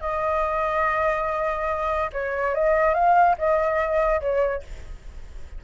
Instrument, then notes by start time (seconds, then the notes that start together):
flute
0.00 D#5
2.12 C#5
2.54 D#5
2.94 F5
3.38 D#5
4.20 C#5